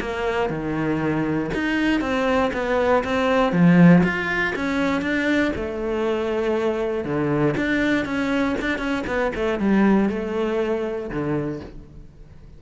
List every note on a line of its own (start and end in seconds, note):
0.00 0.49 A#3
0.49 1.50 D#3
1.54 2.00 D#4
2.00 2.51 C4
2.53 3.03 B3
3.03 3.52 C4
3.52 4.02 F3
4.03 4.54 F4
4.55 5.01 C#4
5.01 5.52 D4
5.55 7.04 A3
7.04 7.54 D3
7.57 8.05 D4
8.05 8.55 C#4
8.61 8.78 D4
8.78 9.03 C#4
9.06 9.31 B3
9.35 9.59 A3
9.59 10.09 G3
10.09 11.09 A3
11.09 11.60 D3